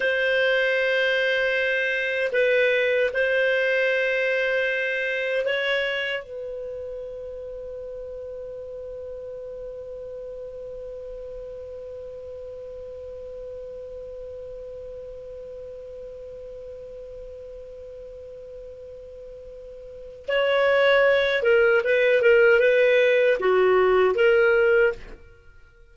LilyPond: \new Staff \with { instrumentName = "clarinet" } { \time 4/4 \tempo 4 = 77 c''2. b'4 | c''2. cis''4 | b'1~ | b'1~ |
b'1~ | b'1~ | b'2 cis''4. ais'8 | b'8 ais'8 b'4 fis'4 ais'4 | }